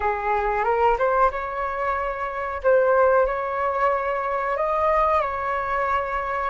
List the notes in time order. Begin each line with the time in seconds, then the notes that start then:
0.00 G#4
0.64 A#4
0.98 C5
1.31 C#5
2.63 C5
3.26 C#5
4.57 D#5
5.21 C#5